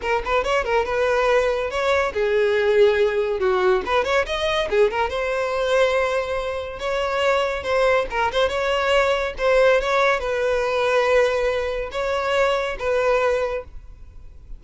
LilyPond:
\new Staff \with { instrumentName = "violin" } { \time 4/4 \tempo 4 = 141 ais'8 b'8 cis''8 ais'8 b'2 | cis''4 gis'2. | fis'4 b'8 cis''8 dis''4 gis'8 ais'8 | c''1 |
cis''2 c''4 ais'8 c''8 | cis''2 c''4 cis''4 | b'1 | cis''2 b'2 | }